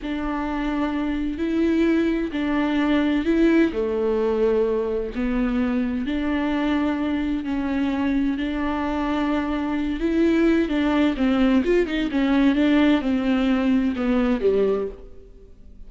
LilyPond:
\new Staff \with { instrumentName = "viola" } { \time 4/4 \tempo 4 = 129 d'2. e'4~ | e'4 d'2 e'4 | a2. b4~ | b4 d'2. |
cis'2 d'2~ | d'4. e'4. d'4 | c'4 f'8 dis'8 cis'4 d'4 | c'2 b4 g4 | }